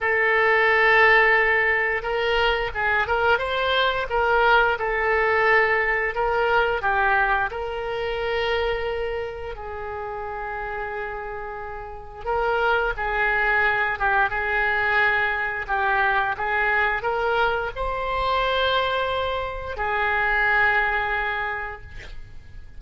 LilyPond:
\new Staff \with { instrumentName = "oboe" } { \time 4/4 \tempo 4 = 88 a'2. ais'4 | gis'8 ais'8 c''4 ais'4 a'4~ | a'4 ais'4 g'4 ais'4~ | ais'2 gis'2~ |
gis'2 ais'4 gis'4~ | gis'8 g'8 gis'2 g'4 | gis'4 ais'4 c''2~ | c''4 gis'2. | }